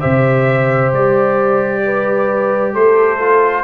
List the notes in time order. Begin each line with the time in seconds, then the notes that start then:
0.00 C3 G4 C5 E5
0.93 G3 D5
1.85 B4
2.73 A3 A4 C5
3.19 F4